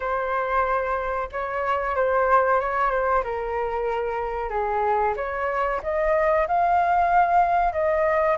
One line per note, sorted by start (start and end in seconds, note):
0.00 1.29 C5
1.32 1.95 C#5
1.95 2.60 C5
2.60 2.91 C#5
2.91 3.23 C5
3.23 4.49 A#4
4.49 5.14 G#4
5.16 5.81 C#5
5.82 6.47 D#5
6.47 7.72 F5
7.72 8.37 D#5